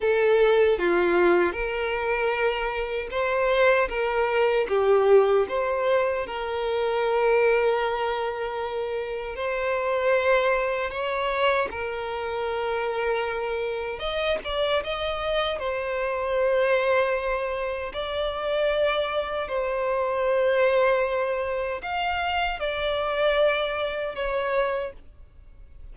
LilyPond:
\new Staff \with { instrumentName = "violin" } { \time 4/4 \tempo 4 = 77 a'4 f'4 ais'2 | c''4 ais'4 g'4 c''4 | ais'1 | c''2 cis''4 ais'4~ |
ais'2 dis''8 d''8 dis''4 | c''2. d''4~ | d''4 c''2. | f''4 d''2 cis''4 | }